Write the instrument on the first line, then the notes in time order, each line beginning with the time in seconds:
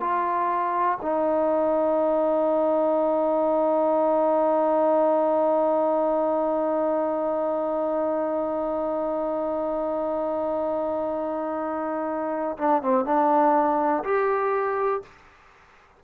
trombone
0.00 F4
1.01 D#4
12.58 D4
12.82 C4
13.05 D4
14.03 G4